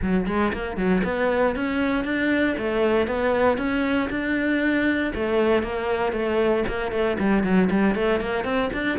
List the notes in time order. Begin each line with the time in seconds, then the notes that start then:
0.02 F#3
0.26 G#3
0.53 A#3
0.76 F#3
1.04 B3
1.55 C#4
2.04 D4
2.58 A3
3.07 B3
3.57 C#4
4.10 D4
5.14 A3
5.62 A#3
6.12 A3
6.68 A#3
6.91 A3
7.19 G3
7.43 F#3
7.70 G3
7.94 A3
8.20 A#3
8.44 C4
8.73 D4